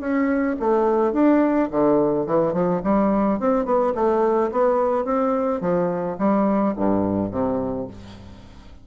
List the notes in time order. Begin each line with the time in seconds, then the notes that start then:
0.00 C#4
0.59 A3
1.13 D4
1.71 D3
2.26 E3
2.53 F3
2.83 G3
3.40 C4
3.65 B3
3.95 A3
4.52 B3
5.05 C4
5.61 F3
6.18 G3
6.76 G2
7.31 C3